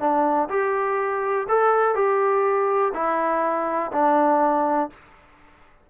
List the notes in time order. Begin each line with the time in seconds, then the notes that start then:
0.00 D4
0.50 G4
1.49 A4
1.95 G4
2.94 E4
3.92 D4